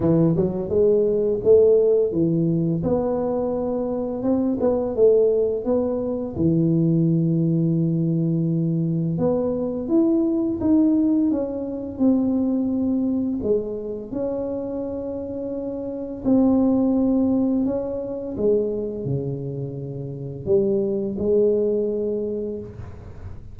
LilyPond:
\new Staff \with { instrumentName = "tuba" } { \time 4/4 \tempo 4 = 85 e8 fis8 gis4 a4 e4 | b2 c'8 b8 a4 | b4 e2.~ | e4 b4 e'4 dis'4 |
cis'4 c'2 gis4 | cis'2. c'4~ | c'4 cis'4 gis4 cis4~ | cis4 g4 gis2 | }